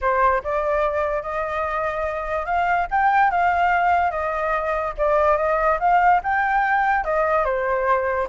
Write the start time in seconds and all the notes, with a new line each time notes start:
0.01 C5
0.43 D5
1.22 D#5
2.45 F5
2.90 G5
3.30 F5
4.11 D#5
4.97 D5
5.37 D#5
5.79 F5
6.23 G5
7.04 D#5
7.44 C5